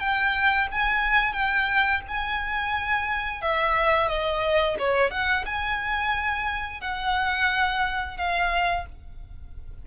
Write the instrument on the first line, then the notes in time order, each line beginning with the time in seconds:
violin
0.00 G5
0.72 G#5
1.33 G5
2.08 G#5
3.42 E5
4.08 D#5
4.79 C#5
5.11 F#5
5.46 G#5
6.81 F#5
8.18 F5